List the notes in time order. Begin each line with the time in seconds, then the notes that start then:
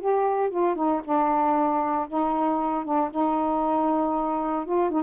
0.00 G4
0.50 F4
0.75 D#4
1.04 D4
2.08 D#4
2.84 D4
3.10 D#4
4.65 F4
4.90 D#4